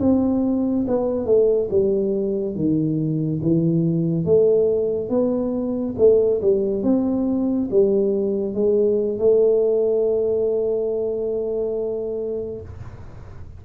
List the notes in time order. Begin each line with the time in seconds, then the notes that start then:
0.00 C4
0.88 B3
1.26 A3
1.70 G3
2.55 D#3
3.42 E3
4.25 A3
5.09 B3
5.98 A3
6.41 G3
6.83 C4
7.71 G3
8.54 G#3
9.19 A3